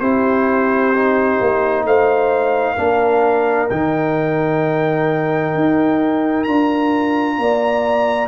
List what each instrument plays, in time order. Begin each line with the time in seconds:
0.00 tuba C4, trombone E4, horn G4, trumpet C5
0.94 trombone D#4
1.41 tuba A#3
1.84 tuba A3, horn C5, trumpet F5
2.74 tuba A#3, trombone D4, horn A#4
3.70 tuba D#3, trombone D#4, trumpet G5
5.55 tuba D#4
6.44 tuba D4, trombone F4, trumpet A#5
7.38 tuba A#3, horn D5